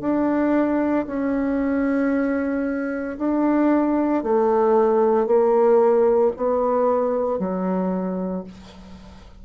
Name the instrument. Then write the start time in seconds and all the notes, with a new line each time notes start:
bassoon
0.00 D4
1.06 C#4
3.18 D4
4.23 A3
5.26 A#3
6.36 B3
7.38 F#3